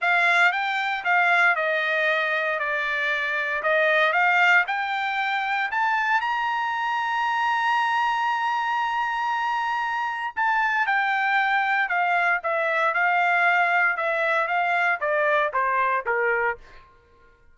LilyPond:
\new Staff \with { instrumentName = "trumpet" } { \time 4/4 \tempo 4 = 116 f''4 g''4 f''4 dis''4~ | dis''4 d''2 dis''4 | f''4 g''2 a''4 | ais''1~ |
ais''1 | a''4 g''2 f''4 | e''4 f''2 e''4 | f''4 d''4 c''4 ais'4 | }